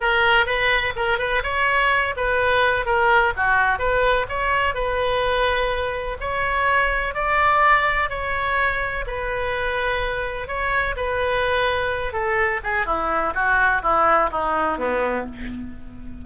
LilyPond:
\new Staff \with { instrumentName = "oboe" } { \time 4/4 \tempo 4 = 126 ais'4 b'4 ais'8 b'8 cis''4~ | cis''8 b'4. ais'4 fis'4 | b'4 cis''4 b'2~ | b'4 cis''2 d''4~ |
d''4 cis''2 b'4~ | b'2 cis''4 b'4~ | b'4. a'4 gis'8 e'4 | fis'4 e'4 dis'4 b4 | }